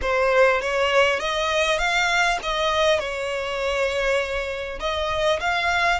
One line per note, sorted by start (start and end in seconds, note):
0.01 0.61 C5
0.61 1.19 C#5
1.19 1.78 D#5
1.78 2.38 F5
2.42 2.99 D#5
2.99 4.79 C#5
4.79 5.39 D#5
5.39 5.99 F5